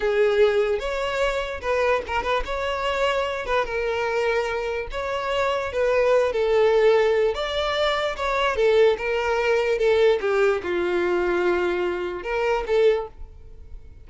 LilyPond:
\new Staff \with { instrumentName = "violin" } { \time 4/4 \tempo 4 = 147 gis'2 cis''2 | b'4 ais'8 b'8 cis''2~ | cis''8 b'8 ais'2. | cis''2 b'4. a'8~ |
a'2 d''2 | cis''4 a'4 ais'2 | a'4 g'4 f'2~ | f'2 ais'4 a'4 | }